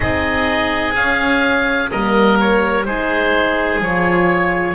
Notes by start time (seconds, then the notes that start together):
0.00 C4 D#4 G#4 D#5
0.95 C#4 F5
1.90 G3 A#3 A#4 D#5
2.39 C#5
2.85 G#3 D#4 G#4 C5
3.80 F3 F4 C#5